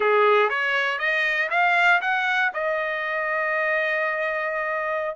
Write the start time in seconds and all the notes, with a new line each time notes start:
0.00 G#4
0.49 C#5
0.98 D#5
1.50 F5
2.01 F#5
2.53 D#5